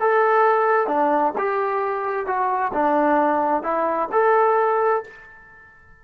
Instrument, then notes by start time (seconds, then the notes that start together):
trombone
0.00 A4
0.87 D4
1.38 G4
2.27 F#4
2.73 D4
3.63 E4
4.12 A4